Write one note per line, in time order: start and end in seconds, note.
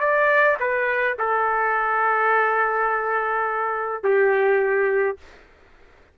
0.00 0.57 D5
0.59 1.17 B4
1.18 4.03 A4
4.03 5.17 G4